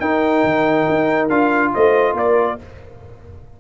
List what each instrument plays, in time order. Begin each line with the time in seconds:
0.00 tuba D#4, trombone D#4, horn A#4, trumpet G5
0.44 tuba D#3
0.89 tuba D#4
1.29 tuba D4, trombone F4, trumpet F5
1.74 tuba A3, horn C5, trumpet D#5
2.14 tuba A#3, horn A#4, trumpet D5